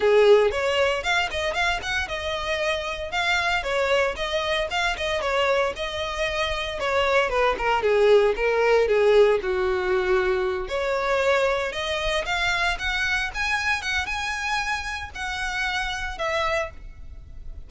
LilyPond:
\new Staff \with { instrumentName = "violin" } { \time 4/4 \tempo 4 = 115 gis'4 cis''4 f''8 dis''8 f''8 fis''8 | dis''2 f''4 cis''4 | dis''4 f''8 dis''8 cis''4 dis''4~ | dis''4 cis''4 b'8 ais'8 gis'4 |
ais'4 gis'4 fis'2~ | fis'8 cis''2 dis''4 f''8~ | f''8 fis''4 gis''4 fis''8 gis''4~ | gis''4 fis''2 e''4 | }